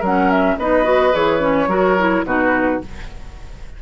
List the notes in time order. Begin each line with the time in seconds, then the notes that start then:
0.00 F#3 C#4 A#4 F#5
0.31 E5
0.58 B3 D#4 B4 D#5
0.84 F#4
1.13 E3 G#4 C#5
1.40 C#4
1.67 F#3 F#4 A#4
1.99 E4
2.25 B2 D#4 F#4 B4